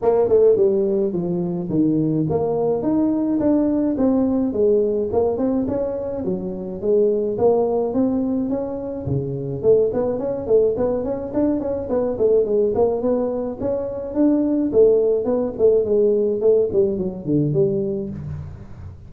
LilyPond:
\new Staff \with { instrumentName = "tuba" } { \time 4/4 \tempo 4 = 106 ais8 a8 g4 f4 dis4 | ais4 dis'4 d'4 c'4 | gis4 ais8 c'8 cis'4 fis4 | gis4 ais4 c'4 cis'4 |
cis4 a8 b8 cis'8 a8 b8 cis'8 | d'8 cis'8 b8 a8 gis8 ais8 b4 | cis'4 d'4 a4 b8 a8 | gis4 a8 g8 fis8 d8 g4 | }